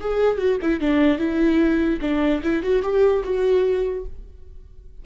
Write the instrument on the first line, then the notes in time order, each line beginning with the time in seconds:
viola
0.00 G#4
0.38 F#4
0.62 E4
0.80 D4
1.18 E4
2.01 D4
2.43 E4
2.63 F#4
2.82 G4
3.24 F#4